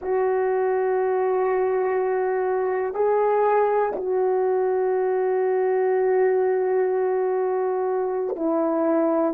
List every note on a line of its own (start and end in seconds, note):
0.01 2.94 F#4
2.94 3.93 G#4
3.95 8.36 F#4
8.36 9.34 E4